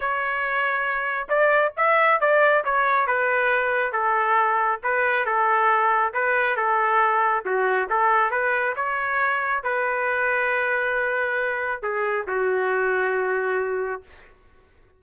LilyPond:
\new Staff \with { instrumentName = "trumpet" } { \time 4/4 \tempo 4 = 137 cis''2. d''4 | e''4 d''4 cis''4 b'4~ | b'4 a'2 b'4 | a'2 b'4 a'4~ |
a'4 fis'4 a'4 b'4 | cis''2 b'2~ | b'2. gis'4 | fis'1 | }